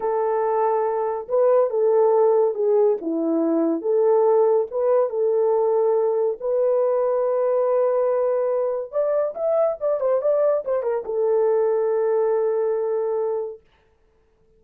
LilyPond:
\new Staff \with { instrumentName = "horn" } { \time 4/4 \tempo 4 = 141 a'2. b'4 | a'2 gis'4 e'4~ | e'4 a'2 b'4 | a'2. b'4~ |
b'1~ | b'4 d''4 e''4 d''8 c''8 | d''4 c''8 ais'8 a'2~ | a'1 | }